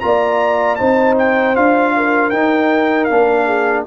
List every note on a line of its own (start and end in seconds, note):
0.00 0.80 A#3
0.00 0.78 F4
0.00 0.79 D5
0.00 0.75 A#5
0.75 1.56 C4
0.75 1.55 D#4
0.75 1.94 C5
0.75 1.14 A5
1.18 1.56 G5
1.55 2.32 D4
1.55 2.32 F4
1.55 2.30 F5
1.96 3.46 A#4
2.30 3.09 D#4
2.30 3.04 G5
3.04 3.87 A#3
3.04 3.86 D4
3.04 3.81 F5
3.46 3.84 G#4